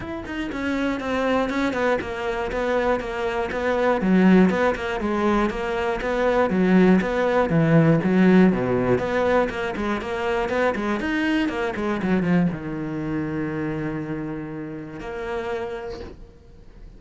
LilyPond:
\new Staff \with { instrumentName = "cello" } { \time 4/4 \tempo 4 = 120 e'8 dis'8 cis'4 c'4 cis'8 b8 | ais4 b4 ais4 b4 | fis4 b8 ais8 gis4 ais4 | b4 fis4 b4 e4 |
fis4 b,4 b4 ais8 gis8 | ais4 b8 gis8 dis'4 ais8 gis8 | fis8 f8 dis2.~ | dis2 ais2 | }